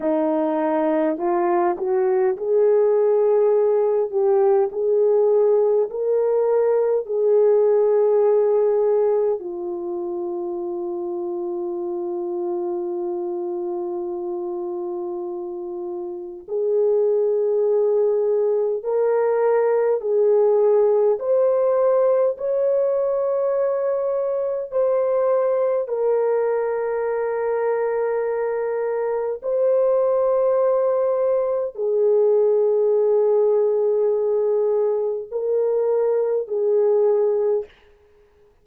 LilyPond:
\new Staff \with { instrumentName = "horn" } { \time 4/4 \tempo 4 = 51 dis'4 f'8 fis'8 gis'4. g'8 | gis'4 ais'4 gis'2 | f'1~ | f'2 gis'2 |
ais'4 gis'4 c''4 cis''4~ | cis''4 c''4 ais'2~ | ais'4 c''2 gis'4~ | gis'2 ais'4 gis'4 | }